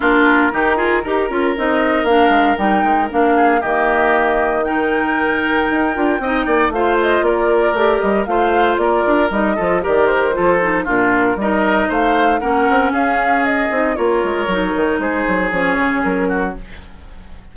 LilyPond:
<<
  \new Staff \with { instrumentName = "flute" } { \time 4/4 \tempo 4 = 116 ais'2. dis''4 | f''4 g''4 f''4 dis''4~ | dis''4 g''2.~ | g''4 f''8 dis''8 d''4. dis''8 |
f''4 d''4 dis''4 d''8 c''8~ | c''4 ais'4 dis''4 f''4 | fis''4 f''4 dis''4 cis''4~ | cis''4 c''4 cis''4 ais'4 | }
  \new Staff \with { instrumentName = "oboe" } { \time 4/4 f'4 g'8 gis'8 ais'2~ | ais'2~ ais'8 gis'8 g'4~ | g'4 ais'2. | dis''8 d''8 c''4 ais'2 |
c''4 ais'4. a'8 ais'4 | a'4 f'4 ais'4 c''4 | ais'4 gis'2 ais'4~ | ais'4 gis'2~ gis'8 fis'8 | }
  \new Staff \with { instrumentName = "clarinet" } { \time 4/4 d'4 dis'8 f'8 g'8 f'8 dis'4 | d'4 dis'4 d'4 ais4~ | ais4 dis'2~ dis'8 f'8 | dis'4 f'2 g'4 |
f'2 dis'8 f'8 g'4 | f'8 dis'8 d'4 dis'2 | cis'2~ cis'8 dis'8 f'4 | dis'2 cis'2 | }
  \new Staff \with { instrumentName = "bassoon" } { \time 4/4 ais4 dis4 dis'8 cis'8 c'4 | ais8 gis8 g8 gis8 ais4 dis4~ | dis2. dis'8 d'8 | c'8 ais8 a4 ais4 a8 g8 |
a4 ais8 d'8 g8 f8 dis4 | f4 ais,4 g4 a4 | ais8 c'8 cis'4. c'8 ais8 gis8 | fis8 dis8 gis8 fis8 f8 cis8 fis4 | }
>>